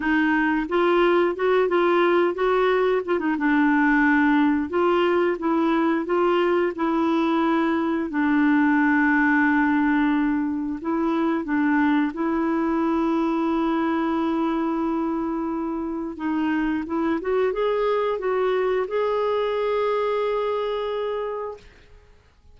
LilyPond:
\new Staff \with { instrumentName = "clarinet" } { \time 4/4 \tempo 4 = 89 dis'4 f'4 fis'8 f'4 fis'8~ | fis'8 f'16 dis'16 d'2 f'4 | e'4 f'4 e'2 | d'1 |
e'4 d'4 e'2~ | e'1 | dis'4 e'8 fis'8 gis'4 fis'4 | gis'1 | }